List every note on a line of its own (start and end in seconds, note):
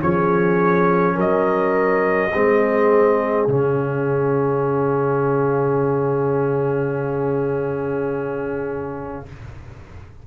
0.00 1.16 F3
0.00 2.31 C#4
0.00 1.14 G#4
0.00 1.17 C#5
1.14 2.32 F#3
1.14 2.30 A#4
1.14 3.47 D#5
2.33 3.47 G#3
2.33 3.48 C4
2.33 9.26 G#4
3.47 9.24 C#3
3.47 9.25 C#4
3.47 9.24 F5